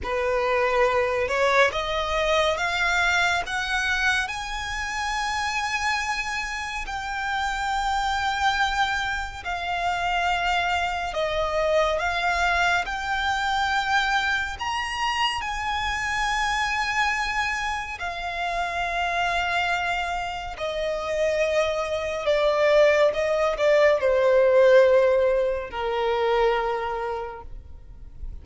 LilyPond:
\new Staff \with { instrumentName = "violin" } { \time 4/4 \tempo 4 = 70 b'4. cis''8 dis''4 f''4 | fis''4 gis''2. | g''2. f''4~ | f''4 dis''4 f''4 g''4~ |
g''4 ais''4 gis''2~ | gis''4 f''2. | dis''2 d''4 dis''8 d''8 | c''2 ais'2 | }